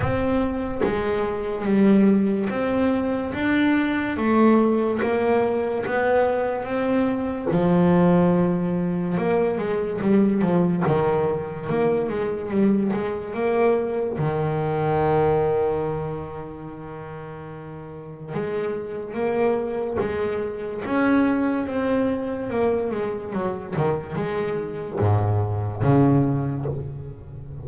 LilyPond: \new Staff \with { instrumentName = "double bass" } { \time 4/4 \tempo 4 = 72 c'4 gis4 g4 c'4 | d'4 a4 ais4 b4 | c'4 f2 ais8 gis8 | g8 f8 dis4 ais8 gis8 g8 gis8 |
ais4 dis2.~ | dis2 gis4 ais4 | gis4 cis'4 c'4 ais8 gis8 | fis8 dis8 gis4 gis,4 cis4 | }